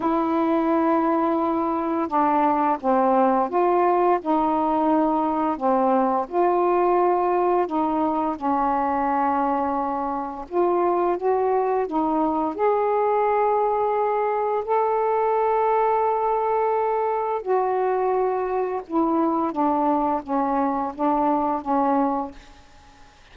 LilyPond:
\new Staff \with { instrumentName = "saxophone" } { \time 4/4 \tempo 4 = 86 e'2. d'4 | c'4 f'4 dis'2 | c'4 f'2 dis'4 | cis'2. f'4 |
fis'4 dis'4 gis'2~ | gis'4 a'2.~ | a'4 fis'2 e'4 | d'4 cis'4 d'4 cis'4 | }